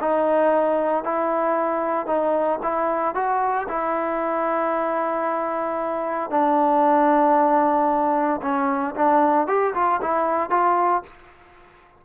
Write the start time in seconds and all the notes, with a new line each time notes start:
0.00 D#4
1.04 E4
2.06 D#4
2.63 E4
3.14 F#4
3.68 E4
6.30 D4
8.42 C#4
8.95 D4
9.47 G4
9.74 F4
10.01 E4
10.50 F4